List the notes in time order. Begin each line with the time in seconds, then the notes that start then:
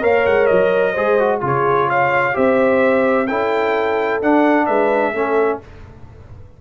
0.00 A#3 A#4 C#5 F5
0.26 G#3 F#5
0.46 F#3 D#5
0.93 G#3 G#4 C5
1.19 F#4
1.41 C#3 F4 G#4 C#5
1.89 C#5 F5
2.34 C4 G4 C5 E5
3.27 C#4 E4 A4 G5
4.22 D4 F#5
4.67 G#3 B4 E5
5.14 A3 C#4 A4